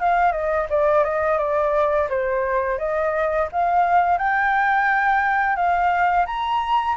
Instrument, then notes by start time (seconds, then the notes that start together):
flute
0.00 F5
0.32 D#5
0.69 D5
1.04 D#5
1.38 D5
2.09 C5
2.78 D#5
3.52 F5
4.18 G5
5.56 F5
6.26 A#5